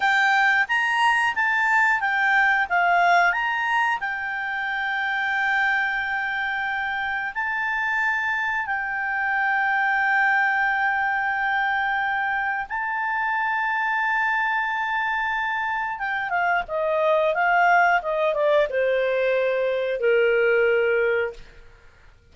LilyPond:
\new Staff \with { instrumentName = "clarinet" } { \time 4/4 \tempo 4 = 90 g''4 ais''4 a''4 g''4 | f''4 ais''4 g''2~ | g''2. a''4~ | a''4 g''2.~ |
g''2. a''4~ | a''1 | g''8 f''8 dis''4 f''4 dis''8 d''8 | c''2 ais'2 | }